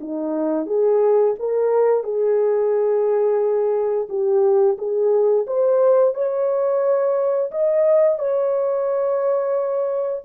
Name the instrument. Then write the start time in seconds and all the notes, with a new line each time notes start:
horn
0.00 D#4
0.66 G#4
1.39 A#4
2.03 G#4
4.09 G4
4.78 G#4
5.46 C5
6.14 C#5
7.51 D#5
8.18 C#5